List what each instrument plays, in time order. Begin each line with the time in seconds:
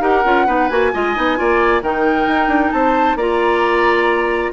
0.00 bassoon D#4, clarinet G4, oboe A#4, flute F#5
0.25 bassoon C#4, clarinet F4
0.46 bassoon B3, clarinet D#4, oboe B4
0.68 bassoon A#3, clarinet F#4, flute G#5
0.93 bassoon G#3, clarinet F4, oboe D#5
1.16 bassoon B3, clarinet D#4
1.36 bassoon A#3, clarinet F4, oboe D5
1.82 bassoon D#3, clarinet D#4, oboe A#4, flute G5
2.27 bassoon D#4
2.48 bassoon D4
2.72 bassoon C4, oboe C5, flute A5
3.16 bassoon A#3, clarinet F4, oboe D5, flute A#5